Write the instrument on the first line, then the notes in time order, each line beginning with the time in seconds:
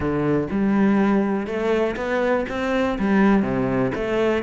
cello
0.00 D3
0.51 G3
1.46 A3
1.96 B3
2.48 C4
2.99 G3
3.42 C3
3.95 A3